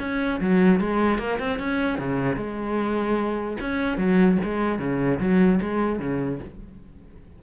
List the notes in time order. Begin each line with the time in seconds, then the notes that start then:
0.00 C#4
0.41 F#3
0.80 G#3
1.19 A#3
1.39 C4
1.59 C#4
1.98 C#3
2.37 G#3
3.61 C#4
3.98 F#3
4.44 G#3
4.79 C#3
5.20 F#3
5.61 G#3
6.00 C#3